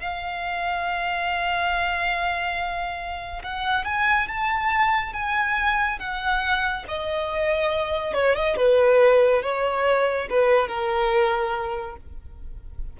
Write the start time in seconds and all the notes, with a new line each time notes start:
0.00 F5
3.44 F#5
3.85 G#5
4.28 A5
5.14 G#5
6.00 F#5
6.88 D#5
8.14 C#5
8.35 D#5
8.57 B4
9.43 C#5
10.30 B4
10.68 A#4